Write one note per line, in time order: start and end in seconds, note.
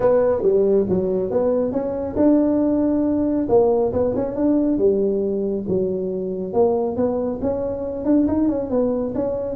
0.00 0.42 B3
0.42 0.85 G3
0.89 1.30 F#3
1.30 1.72 B3
1.72 2.15 C#4
2.16 3.47 D4
3.49 3.92 A#3
3.92 4.14 B3
4.15 4.35 C#4
4.35 4.77 D4
4.77 5.64 G3
5.68 6.53 F#3
6.53 6.96 A#3
6.96 7.39 B3
7.41 8.05 C#4
8.05 8.26 D4
8.27 8.48 D#4
8.48 8.70 C#4
8.70 9.13 B3
9.14 9.55 C#4